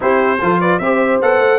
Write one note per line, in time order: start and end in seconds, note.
0.00 0.41 C4
0.00 0.38 E4
0.00 0.41 G4
0.00 0.60 C5
0.41 0.79 F3
0.41 0.81 F4
0.41 0.60 A4
0.60 0.81 B4
0.60 0.78 D5
0.78 1.20 C4
0.78 1.22 G4
0.78 1.58 C5
0.78 1.19 E5
1.21 1.38 B3
1.21 1.58 A4
1.21 1.58 F#5
1.38 1.58 A3